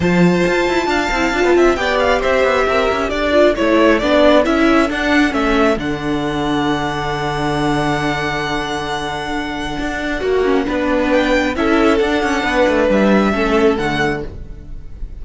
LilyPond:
<<
  \new Staff \with { instrumentName = "violin" } { \time 4/4 \tempo 4 = 135 a''1 | g''8 f''8 e''2 d''4 | cis''4 d''4 e''4 fis''4 | e''4 fis''2.~ |
fis''1~ | fis''1~ | fis''4 g''4 e''4 fis''4~ | fis''4 e''2 fis''4 | }
  \new Staff \with { instrumentName = "violin" } { \time 4/4 c''2 f''4. e''8 | d''4 c''4 ais'4 a'4~ | a'1~ | a'1~ |
a'1~ | a'2. fis'4 | b'2 a'2 | b'2 a'2 | }
  \new Staff \with { instrumentName = "viola" } { \time 4/4 f'2~ f'8 e'8 f'4 | g'2.~ g'8 f'8 | e'4 d'4 e'4 d'4 | cis'4 d'2.~ |
d'1~ | d'2. fis'8 cis'8 | d'2 e'4 d'4~ | d'2 cis'4 a4 | }
  \new Staff \with { instrumentName = "cello" } { \time 4/4 f4 f'8 e'8 d'8 c'8 d'16 b16 c'8 | b4 c'8 b8 c'8 cis'8 d'4 | a4 b4 cis'4 d'4 | a4 d2.~ |
d1~ | d2 d'4 ais4 | b2 cis'4 d'8 cis'8 | b8 a8 g4 a4 d4 | }
>>